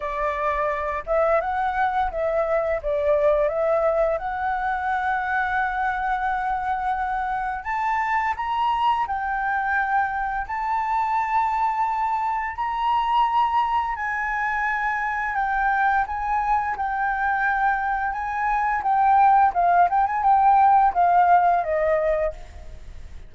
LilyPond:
\new Staff \with { instrumentName = "flute" } { \time 4/4 \tempo 4 = 86 d''4. e''8 fis''4 e''4 | d''4 e''4 fis''2~ | fis''2. a''4 | ais''4 g''2 a''4~ |
a''2 ais''2 | gis''2 g''4 gis''4 | g''2 gis''4 g''4 | f''8 g''16 gis''16 g''4 f''4 dis''4 | }